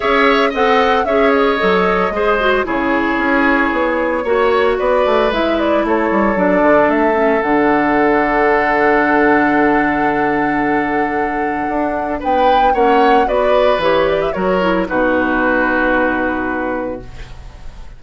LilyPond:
<<
  \new Staff \with { instrumentName = "flute" } { \time 4/4 \tempo 4 = 113 e''4 fis''4 e''8 dis''4.~ | dis''4 cis''2.~ | cis''4 d''4 e''8 d''8 cis''4 | d''4 e''4 fis''2~ |
fis''1~ | fis''2. g''4 | fis''4 d''4 cis''8 d''16 e''16 cis''4 | b'1 | }
  \new Staff \with { instrumentName = "oboe" } { \time 4/4 cis''4 dis''4 cis''2 | c''4 gis'2. | cis''4 b'2 a'4~ | a'1~ |
a'1~ | a'2. b'4 | cis''4 b'2 ais'4 | fis'1 | }
  \new Staff \with { instrumentName = "clarinet" } { \time 4/4 gis'4 a'4 gis'4 a'4 | gis'8 fis'8 e'2. | fis'2 e'2 | d'4. cis'8 d'2~ |
d'1~ | d'1 | cis'4 fis'4 g'4 fis'8 e'8 | dis'1 | }
  \new Staff \with { instrumentName = "bassoon" } { \time 4/4 cis'4 c'4 cis'4 fis4 | gis4 cis4 cis'4 b4 | ais4 b8 a8 gis4 a8 g8 | fis8 d8 a4 d2~ |
d1~ | d2 d'4 b4 | ais4 b4 e4 fis4 | b,1 | }
>>